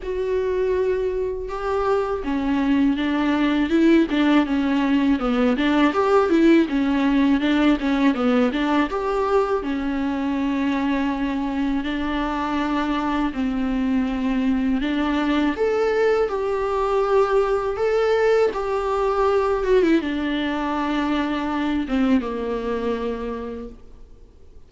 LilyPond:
\new Staff \with { instrumentName = "viola" } { \time 4/4 \tempo 4 = 81 fis'2 g'4 cis'4 | d'4 e'8 d'8 cis'4 b8 d'8 | g'8 e'8 cis'4 d'8 cis'8 b8 d'8 | g'4 cis'2. |
d'2 c'2 | d'4 a'4 g'2 | a'4 g'4. fis'16 e'16 d'4~ | d'4. c'8 ais2 | }